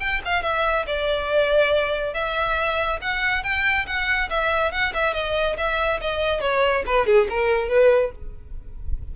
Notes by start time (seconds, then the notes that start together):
0.00 G5
0.25 F5
0.43 E5
0.87 D5
2.14 E5
3.02 F#5
3.44 G5
3.87 F#5
4.30 E5
4.72 F#5
4.94 E5
5.14 D#5
5.58 E5
6.01 D#5
6.41 C#5
6.86 B4
7.06 G#4
7.29 A#4
7.69 B4